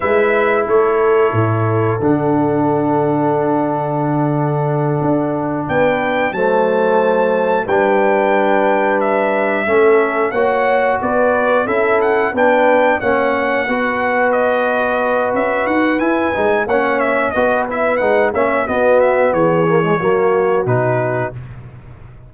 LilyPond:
<<
  \new Staff \with { instrumentName = "trumpet" } { \time 4/4 \tempo 4 = 90 e''4 cis''2 fis''4~ | fis''1~ | fis''8 g''4 a''2 g''8~ | g''4. e''2 fis''8~ |
fis''8 d''4 e''8 fis''8 g''4 fis''8~ | fis''4. dis''4. e''8 fis''8 | gis''4 fis''8 e''8 dis''8 e''8 fis''8 e''8 | dis''8 e''8 cis''2 b'4 | }
  \new Staff \with { instrumentName = "horn" } { \time 4/4 b'4 a'2.~ | a'1~ | a'8 b'4 c''2 b'8~ | b'2~ b'8 a'4 cis''8~ |
cis''8 b'4 a'4 b'4 cis''8~ | cis''8 b'2.~ b'8~ | b'4 cis''4 b'4. cis''8 | fis'4 gis'4 fis'2 | }
  \new Staff \with { instrumentName = "trombone" } { \time 4/4 e'2. d'4~ | d'1~ | d'4. a2 d'8~ | d'2~ d'8 cis'4 fis'8~ |
fis'4. e'4 d'4 cis'8~ | cis'8 fis'2.~ fis'8 | e'8 dis'8 cis'4 fis'8 e'8 dis'8 cis'8 | b4. ais16 gis16 ais4 dis'4 | }
  \new Staff \with { instrumentName = "tuba" } { \time 4/4 gis4 a4 a,4 d4~ | d2.~ d8 d'8~ | d'8 b4 fis2 g8~ | g2~ g8 a4 ais8~ |
ais8 b4 cis'4 b4 ais8~ | ais8 b2~ b8 cis'8 dis'8 | e'8 gis8 ais4 b4 gis8 ais8 | b4 e4 fis4 b,4 | }
>>